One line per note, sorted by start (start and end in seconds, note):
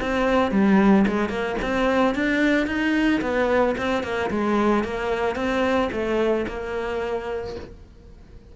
0.00 0.51 C4
0.51 1.05 G3
1.07 1.29 G#3
1.29 1.56 A#3
1.62 2.14 C4
2.14 2.67 D4
2.67 3.21 D#4
3.21 3.75 B3
3.77 4.03 C4
4.03 4.30 A#3
4.30 4.84 G#3
4.84 5.35 A#3
5.35 5.89 C4
5.92 6.46 A3
6.47 7.55 A#3